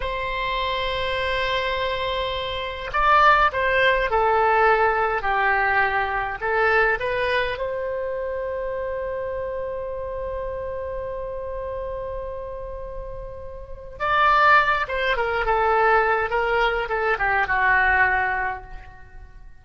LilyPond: \new Staff \with { instrumentName = "oboe" } { \time 4/4 \tempo 4 = 103 c''1~ | c''4 d''4 c''4 a'4~ | a'4 g'2 a'4 | b'4 c''2.~ |
c''1~ | c''1 | d''4. c''8 ais'8 a'4. | ais'4 a'8 g'8 fis'2 | }